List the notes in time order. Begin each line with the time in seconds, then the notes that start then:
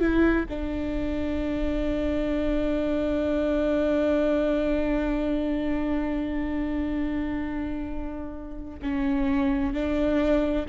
0.00 E4
0.49 D4
8.82 C#4
9.74 D4